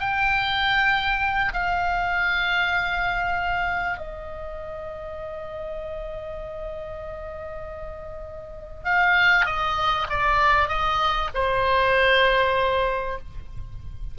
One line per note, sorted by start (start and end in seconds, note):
0.00 1.53 G5
1.53 3.98 F5
3.98 8.85 D#5
8.85 9.46 F5
9.46 10.07 D#5
10.10 10.69 D5
10.69 11.30 D#5
11.35 13.19 C5